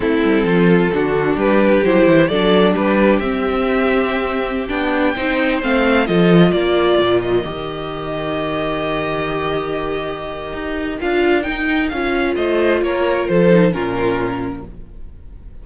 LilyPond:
<<
  \new Staff \with { instrumentName = "violin" } { \time 4/4 \tempo 4 = 131 a'2. b'4 | c''4 d''4 b'4 e''4~ | e''2~ e''16 g''4.~ g''16~ | g''16 f''4 dis''4 d''4. dis''16~ |
dis''1~ | dis''1 | f''4 g''4 f''4 dis''4 | cis''4 c''4 ais'2 | }
  \new Staff \with { instrumentName = "violin" } { \time 4/4 e'4 f'4 fis'4 g'4~ | g'4 a'4 g'2~ | g'2.~ g'16 c''8.~ | c''4~ c''16 a'4 ais'4.~ ais'16~ |
ais'1~ | ais'1~ | ais'2. c''4 | ais'4 a'4 f'2 | }
  \new Staff \with { instrumentName = "viola" } { \time 4/4 c'2 d'2 | e'4 d'2 c'4~ | c'2~ c'16 d'4 dis'8.~ | dis'16 c'4 f'2~ f'8.~ |
f'16 g'2.~ g'8.~ | g'1 | f'4 dis'4 f'2~ | f'4. dis'8 cis'2 | }
  \new Staff \with { instrumentName = "cello" } { \time 4/4 a8 g8 f4 d4 g4 | fis8 e8 fis4 g4 c'4~ | c'2~ c'16 b4 c'8.~ | c'16 a4 f4 ais4 ais,8.~ |
ais,16 dis2.~ dis8.~ | dis2. dis'4 | d'4 dis'4 cis'4 a4 | ais4 f4 ais,2 | }
>>